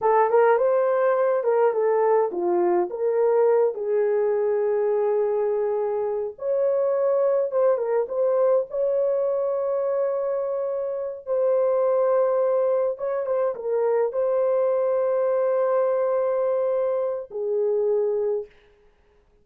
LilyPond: \new Staff \with { instrumentName = "horn" } { \time 4/4 \tempo 4 = 104 a'8 ais'8 c''4. ais'8 a'4 | f'4 ais'4. gis'4.~ | gis'2. cis''4~ | cis''4 c''8 ais'8 c''4 cis''4~ |
cis''2.~ cis''8 c''8~ | c''2~ c''8 cis''8 c''8 ais'8~ | ais'8 c''2.~ c''8~ | c''2 gis'2 | }